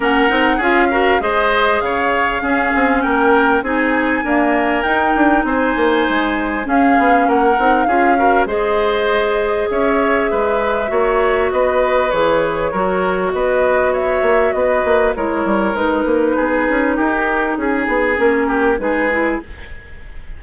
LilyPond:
<<
  \new Staff \with { instrumentName = "flute" } { \time 4/4 \tempo 4 = 99 fis''4 f''4 dis''4 f''4~ | f''4 g''4 gis''2 | g''4 gis''2 f''4 | fis''4 f''4 dis''2 |
e''2. dis''4 | cis''2 dis''4 e''4 | dis''4 cis''4 b'2 | ais'4 gis'4 ais'4 b'4 | }
  \new Staff \with { instrumentName = "oboe" } { \time 4/4 ais'4 gis'8 ais'8 c''4 cis''4 | gis'4 ais'4 gis'4 ais'4~ | ais'4 c''2 gis'4 | ais'4 gis'8 ais'8 c''2 |
cis''4 b'4 cis''4 b'4~ | b'4 ais'4 b'4 cis''4 | b'4 ais'2 gis'4 | g'4 gis'4. g'8 gis'4 | }
  \new Staff \with { instrumentName = "clarinet" } { \time 4/4 cis'8 dis'8 f'8 fis'8 gis'2 | cis'2 dis'4 ais4 | dis'2. cis'4~ | cis'8 dis'8 f'8 fis'8 gis'2~ |
gis'2 fis'2 | gis'4 fis'2.~ | fis'4 e'4 dis'2~ | dis'2 cis'4 dis'8 e'8 | }
  \new Staff \with { instrumentName = "bassoon" } { \time 4/4 ais8 c'8 cis'4 gis4 cis4 | cis'8 c'8 ais4 c'4 d'4 | dis'8 d'8 c'8 ais8 gis4 cis'8 b8 | ais8 c'8 cis'4 gis2 |
cis'4 gis4 ais4 b4 | e4 fis4 b4. ais8 | b8 ais8 gis8 g8 gis8 ais8 b8 cis'8 | dis'4 cis'8 b8 ais4 gis4 | }
>>